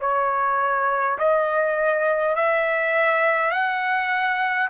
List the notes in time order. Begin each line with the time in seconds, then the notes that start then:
0.00 C#5
1.18 D#5
2.35 E5
3.51 F#5